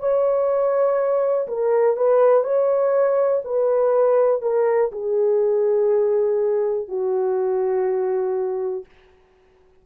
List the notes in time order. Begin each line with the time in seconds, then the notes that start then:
0.00 C#5
1.48 A#4
1.97 B4
2.44 C#5
3.45 B4
4.42 A#4
4.92 G#4
6.89 F#4